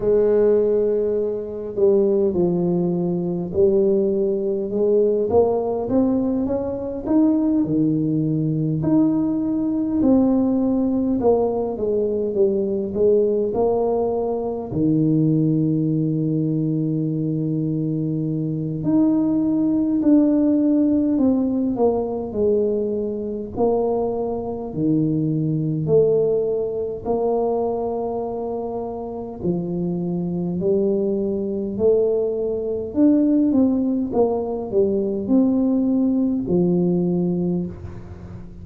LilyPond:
\new Staff \with { instrumentName = "tuba" } { \time 4/4 \tempo 4 = 51 gis4. g8 f4 g4 | gis8 ais8 c'8 cis'8 dis'8 dis4 dis'8~ | dis'8 c'4 ais8 gis8 g8 gis8 ais8~ | ais8 dis2.~ dis8 |
dis'4 d'4 c'8 ais8 gis4 | ais4 dis4 a4 ais4~ | ais4 f4 g4 a4 | d'8 c'8 ais8 g8 c'4 f4 | }